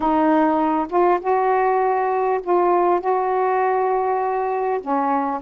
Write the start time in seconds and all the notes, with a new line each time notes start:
0.00 D#4
0.89 F4
1.20 F#4
2.43 F4
3.00 F#4
4.80 C#4